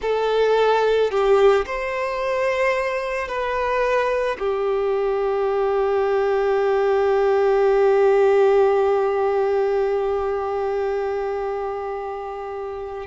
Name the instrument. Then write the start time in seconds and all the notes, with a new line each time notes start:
violin
0.01 A4
1.10 G4
1.66 C5
3.28 B4
4.39 G4